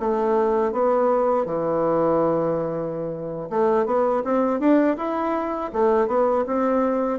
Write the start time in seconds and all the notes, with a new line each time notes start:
0.00 A3
0.72 B3
1.45 E3
3.49 A3
3.86 B3
4.24 C4
4.60 D4
4.97 E4
5.73 A3
6.07 B3
6.46 C4